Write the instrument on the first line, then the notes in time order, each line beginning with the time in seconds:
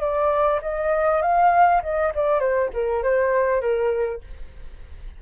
flute
0.00 D5
0.61 D#5
1.22 F5
1.82 D#5
2.14 D5
2.39 C5
2.73 A#4
3.03 C5
3.61 A#4